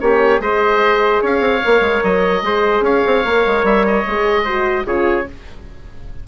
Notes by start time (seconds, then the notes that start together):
0.00 A#3 C#4 G4 C#5
0.39 G#3 G#4 C5 D#5
1.22 C#4 C#5 F5
1.40 C4
1.64 A#3 A#4
1.80 G#3
2.03 F#3 D#5
2.42 G#3 G#4 C5
2.81 C#4 C#5 F5
3.06 C4
3.24 A#3 A#4
3.46 G#3
3.63 G3 E5
3.87 D#5
4.07 G#3 G#4
4.44 F#4 C5
4.86 C#3 F4 G#4 C#5